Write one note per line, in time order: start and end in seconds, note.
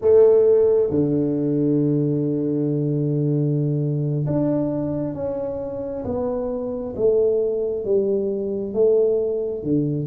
0.01 0.90 A3
0.90 4.25 D3
4.26 5.14 D4
5.14 6.04 C#4
6.04 6.94 B3
6.96 7.84 A3
7.84 8.73 G3
8.73 9.63 A3
9.63 10.07 D3